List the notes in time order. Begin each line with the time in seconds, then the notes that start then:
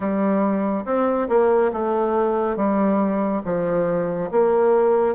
0.00 G3
0.85 C4
1.29 A#3
1.73 A3
2.56 G3
3.44 F3
4.31 A#3